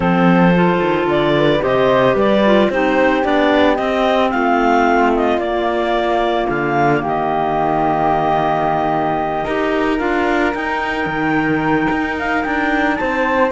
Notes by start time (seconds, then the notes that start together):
0.00 F3 C4 A4 C5
0.55 F4
0.81 D#3
1.06 D3 D5
1.37 B4
1.60 C3 G4 C5 D#5
2.14 G3 B4 D5
2.45 F4
2.69 C4 D#4 G4 C5
3.22 B3 D4 D5
3.76 C4 D#5
4.30 A3 F4 F5
5.15 D#5
5.37 A#3 D5
6.49 D3 F5
7.01 D#3 G4 D#5
9.44 D#4 G4 A#4
9.98 D4 F4 F5
10.54 D#4 G5
11.06 D#3
11.90 D#4
12.18 F5
12.43 D4 G5
12.95 C4 C5 A5